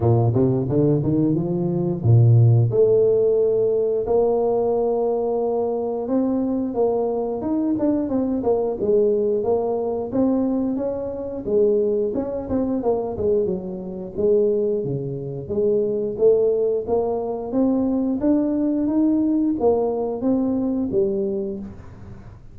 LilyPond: \new Staff \with { instrumentName = "tuba" } { \time 4/4 \tempo 4 = 89 ais,8 c8 d8 dis8 f4 ais,4 | a2 ais2~ | ais4 c'4 ais4 dis'8 d'8 | c'8 ais8 gis4 ais4 c'4 |
cis'4 gis4 cis'8 c'8 ais8 gis8 | fis4 gis4 cis4 gis4 | a4 ais4 c'4 d'4 | dis'4 ais4 c'4 g4 | }